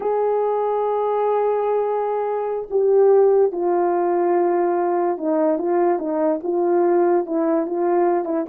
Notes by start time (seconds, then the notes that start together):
0.00 G#4
2.70 G4
3.52 F4
5.17 D#4
5.58 F4
5.98 D#4
6.43 F4
7.26 E4
7.66 F4
8.24 E4